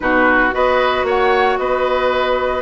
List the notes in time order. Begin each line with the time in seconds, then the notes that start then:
0.00 B2 D#4 F#4 B4
0.51 B3 F#4 B4 D#5
1.03 A#3 C#5 F#5
1.57 B3 B4 D#5